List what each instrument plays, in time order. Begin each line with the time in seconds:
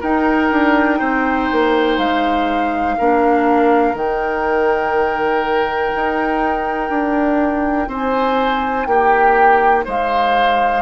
0.00 clarinet D#4, bassoon D#4, oboe A#4, flute G5
0.51 bassoon D4
0.98 bassoon C4, oboe C5
1.52 bassoon A#3
1.98 bassoon G#3, flute F5
2.98 bassoon A#3, clarinet D4, oboe A#4
3.94 bassoon D#3, clarinet D#4, flute G5
5.95 bassoon D#4
6.89 bassoon D4
7.87 bassoon C4, oboe C5, flute G#5
8.85 bassoon A#3, oboe G4, flute G5
9.85 bassoon G#3, oboe C5, flute F5